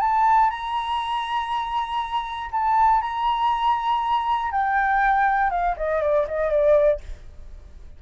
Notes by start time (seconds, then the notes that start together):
0.00 A5
0.50 A#5
2.51 A5
3.01 A#5
4.51 G5
5.50 F5
5.76 D#5
6.02 D5
6.27 D#5
6.50 D5